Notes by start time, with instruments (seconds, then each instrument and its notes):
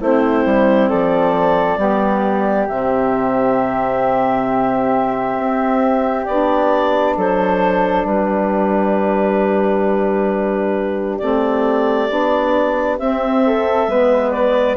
0.00 bassoon A3, saxophone C4, flute E4, clarinet C5
0.45 bassoon G3
0.88 bassoon F3, flute A4, clarinet D5
1.77 bassoon G3, saxophone B3, flute G4
2.67 bassoon C3, saxophone C4, clarinet E5
5.37 bassoon C4
6.24 bassoon B3, saxophone D4, clarinet D5
7.16 bassoon F#3, flute A4, clarinet C5
8.04 bassoon G3, flute G4, clarinet B4
11.18 bassoon A3, saxophone C4, clarinet D5
12.08 bassoon B3, saxophone D4
12.98 bassoon C4, saxophone C4, clarinet E5
13.46 flute A4
13.87 bassoon G#3, saxophone B3, flute B4
14.30 clarinet D5